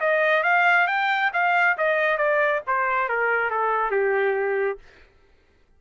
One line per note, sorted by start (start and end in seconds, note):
0.00 0.43 D#5
0.43 0.87 F5
0.87 1.31 G5
1.33 1.77 F5
1.77 2.17 D#5
2.17 2.61 D5
2.67 3.09 C5
3.09 3.50 A#4
3.50 3.91 A4
3.91 4.78 G4